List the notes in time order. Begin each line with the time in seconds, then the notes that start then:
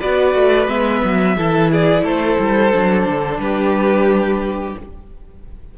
0.00 B3 F#4 B4 D5
0.35 A3
0.68 G#3 B3 E5
1.04 F#3
1.37 E3 E4 A4
1.71 G#4 D5
2.03 A3 A4 C5
2.40 G3
2.72 F#3 D4
3.06 D3
3.38 G3 G4 B4